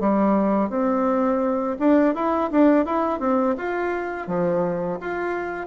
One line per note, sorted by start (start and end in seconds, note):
0.00 0.69 G3
0.69 1.77 C4
1.79 2.15 D4
2.15 2.50 E4
2.51 2.85 D4
2.85 3.19 E4
3.19 3.55 C4
3.57 4.27 F4
4.27 4.99 F3
5.00 5.67 F4